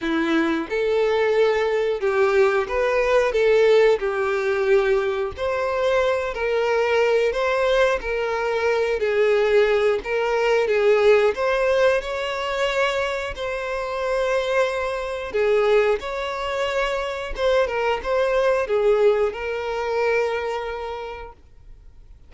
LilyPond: \new Staff \with { instrumentName = "violin" } { \time 4/4 \tempo 4 = 90 e'4 a'2 g'4 | b'4 a'4 g'2 | c''4. ais'4. c''4 | ais'4. gis'4. ais'4 |
gis'4 c''4 cis''2 | c''2. gis'4 | cis''2 c''8 ais'8 c''4 | gis'4 ais'2. | }